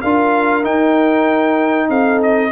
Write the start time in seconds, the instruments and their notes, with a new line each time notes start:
0.00 tuba D4, trombone F4, horn A#4, trumpet F5
0.63 trombone D#4, tuba D#4, trumpet G5
1.89 tuba C4, horn A4, trumpet F5
2.22 trumpet D#5